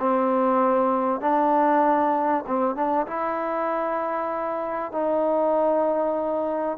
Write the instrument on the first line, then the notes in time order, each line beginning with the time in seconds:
trombone
0.00 C4
1.21 D4
2.47 C4
2.76 D4
3.07 E4
4.93 D#4